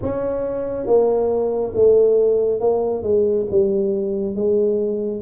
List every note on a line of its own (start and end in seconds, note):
0.02 0.86 C#4
0.86 1.73 A#3
1.74 2.60 A3
2.60 3.02 A#3
3.02 3.46 G#3
3.50 4.35 G3
4.35 5.22 G#3